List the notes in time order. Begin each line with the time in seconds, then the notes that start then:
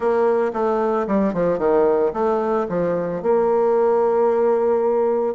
0.00 A#3
0.53 A3
1.07 G3
1.33 F3
1.58 D#3
2.13 A3
2.68 F3
3.22 A#3